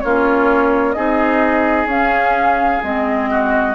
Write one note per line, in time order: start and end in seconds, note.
0.00 0.96 A#3
0.00 0.96 C#4
0.00 0.96 F4
0.00 0.92 C#5
0.92 1.85 C4
0.92 1.88 D#4
0.92 3.30 G#4
0.92 1.86 D#5
1.85 2.79 C#4
1.85 2.82 C#4
1.85 2.83 F5
2.83 3.75 G#3
2.83 3.75 C4
2.83 3.75 D#5
3.30 3.75 F#4